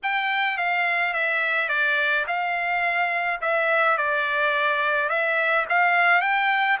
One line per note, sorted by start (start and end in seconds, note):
0.02 0.57 G5
0.57 1.13 F5
1.13 1.68 E5
1.68 2.25 D5
2.27 3.40 F5
3.41 3.97 E5
3.97 5.09 D5
5.09 5.65 E5
5.69 6.21 F5
6.21 6.78 G5